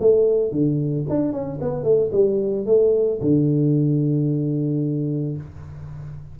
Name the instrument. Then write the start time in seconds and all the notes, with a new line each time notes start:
tuba
0.00 A3
0.51 D3
1.09 D4
1.32 C#4
1.61 B3
1.83 A3
2.12 G3
2.66 A3
3.21 D3